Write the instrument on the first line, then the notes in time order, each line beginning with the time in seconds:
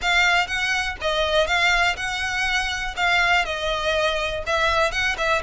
violin
0.01 F5
0.47 F#5
1.01 D#5
1.46 F5
1.96 F#5
2.96 F5
3.45 D#5
4.46 E5
4.91 F#5
5.17 E5